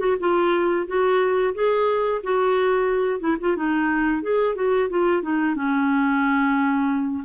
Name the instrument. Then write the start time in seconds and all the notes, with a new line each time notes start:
clarinet
0.00 F#4
0.20 F4
0.87 F#4
1.55 G#4
2.23 F#4
3.21 E4
3.41 F4
3.57 D#4
4.23 G#4
4.56 F#4
4.90 F4
5.23 D#4
5.56 C#4